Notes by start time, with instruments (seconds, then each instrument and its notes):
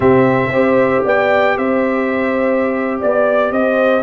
0.00 tuba C3, trombone C4, horn G4, trumpet E5
0.49 tuba C4, trombone G4, horn C5
1.03 tuba B3, horn D5, trumpet G5
1.57 tuba C4, horn C5, trumpet E5
3.00 tuba B3, horn D5, trumpet D5
3.51 tuba C4, horn C5, trumpet D#5